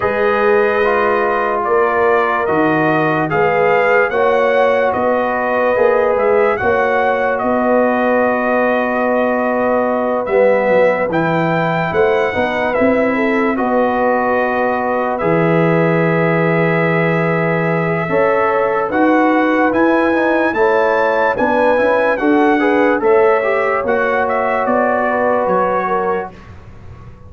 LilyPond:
<<
  \new Staff \with { instrumentName = "trumpet" } { \time 4/4 \tempo 4 = 73 dis''2 d''4 dis''4 | f''4 fis''4 dis''4. e''8 | fis''4 dis''2.~ | dis''8 e''4 g''4 fis''4 e''8~ |
e''8 dis''2 e''4.~ | e''2. fis''4 | gis''4 a''4 gis''4 fis''4 | e''4 fis''8 e''8 d''4 cis''4 | }
  \new Staff \with { instrumentName = "horn" } { \time 4/4 b'2 ais'2 | b'4 cis''4 b'2 | cis''4 b'2.~ | b'2~ b'8 c''8 b'4 |
a'8 b'2.~ b'8~ | b'2 cis''4 b'4~ | b'4 cis''4 b'4 a'8 b'8 | cis''2~ cis''8 b'4 ais'8 | }
  \new Staff \with { instrumentName = "trombone" } { \time 4/4 gis'4 f'2 fis'4 | gis'4 fis'2 gis'4 | fis'1~ | fis'8 b4 e'4. dis'8 e'8~ |
e'8 fis'2 gis'4.~ | gis'2 a'4 fis'4 | e'8 dis'8 e'4 d'8 e'8 fis'8 gis'8 | a'8 g'8 fis'2. | }
  \new Staff \with { instrumentName = "tuba" } { \time 4/4 gis2 ais4 dis4 | gis4 ais4 b4 ais8 gis8 | ais4 b2.~ | b8 g8 fis8 e4 a8 b8 c'8~ |
c'8 b2 e4.~ | e2 cis'4 dis'4 | e'4 a4 b8 cis'8 d'4 | a4 ais4 b4 fis4 | }
>>